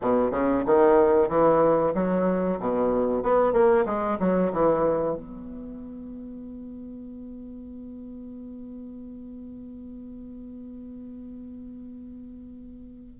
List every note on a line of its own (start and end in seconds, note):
0.01 0.31 B2
0.31 0.63 C#3
0.66 1.28 D#3
1.28 1.93 E3
1.94 2.59 F#3
2.59 3.22 B2
3.22 3.52 B3
3.52 3.84 A#3
3.85 4.18 G#3
4.19 4.52 F#3
4.52 5.15 E3
5.15 13.20 B3